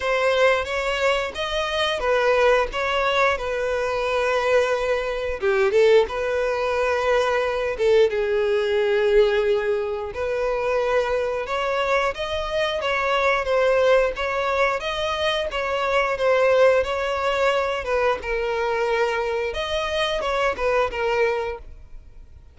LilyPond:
\new Staff \with { instrumentName = "violin" } { \time 4/4 \tempo 4 = 89 c''4 cis''4 dis''4 b'4 | cis''4 b'2. | g'8 a'8 b'2~ b'8 a'8 | gis'2. b'4~ |
b'4 cis''4 dis''4 cis''4 | c''4 cis''4 dis''4 cis''4 | c''4 cis''4. b'8 ais'4~ | ais'4 dis''4 cis''8 b'8 ais'4 | }